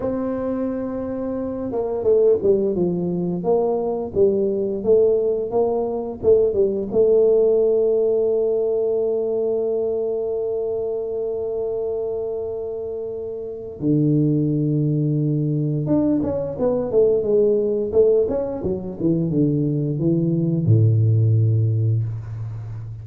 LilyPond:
\new Staff \with { instrumentName = "tuba" } { \time 4/4 \tempo 4 = 87 c'2~ c'8 ais8 a8 g8 | f4 ais4 g4 a4 | ais4 a8 g8 a2~ | a1~ |
a1 | d2. d'8 cis'8 | b8 a8 gis4 a8 cis'8 fis8 e8 | d4 e4 a,2 | }